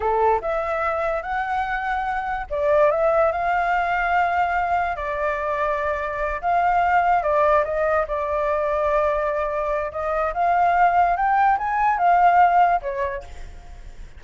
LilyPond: \new Staff \with { instrumentName = "flute" } { \time 4/4 \tempo 4 = 145 a'4 e''2 fis''4~ | fis''2 d''4 e''4 | f''1 | d''2.~ d''8 f''8~ |
f''4. d''4 dis''4 d''8~ | d''1 | dis''4 f''2 g''4 | gis''4 f''2 cis''4 | }